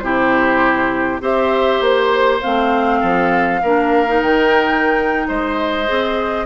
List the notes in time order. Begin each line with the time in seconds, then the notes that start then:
0.00 C3 E4 G4 C5
1.21 C4 G4 C5 E5
1.81 A#3 C5
2.42 A3 C4 F5
3.00 F3 A4
3.63 A#3 D4 A#4
4.08 D#4
4.22 D#3 G5
5.28 G#3 C5 D#5
5.86 C4 G#4